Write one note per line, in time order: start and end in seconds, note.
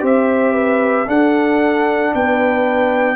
0.00 1.07 C4
0.00 1.05 G4
0.00 0.53 C5
0.00 1.09 E5
0.53 1.06 B4
1.07 3.16 D4
1.07 2.13 D4
1.07 2.13 A4
1.07 2.14 F#5
2.14 3.16 B3
2.14 3.16 B4
2.14 3.16 G5